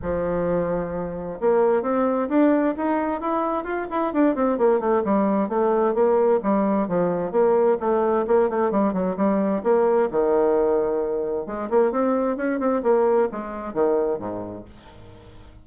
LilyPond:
\new Staff \with { instrumentName = "bassoon" } { \time 4/4 \tempo 4 = 131 f2. ais4 | c'4 d'4 dis'4 e'4 | f'8 e'8 d'8 c'8 ais8 a8 g4 | a4 ais4 g4 f4 |
ais4 a4 ais8 a8 g8 fis8 | g4 ais4 dis2~ | dis4 gis8 ais8 c'4 cis'8 c'8 | ais4 gis4 dis4 gis,4 | }